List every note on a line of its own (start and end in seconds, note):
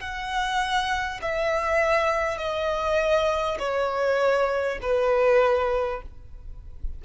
0.00 1.20 F#5
1.22 2.37 E5
2.37 3.57 D#5
3.58 4.78 C#5
4.82 6.02 B4